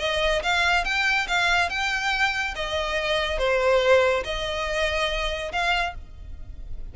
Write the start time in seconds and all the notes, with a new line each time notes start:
0.00 D#5
0.43 F5
0.85 G5
1.28 F5
1.70 G5
2.56 D#5
3.39 C5
4.24 D#5
5.53 F5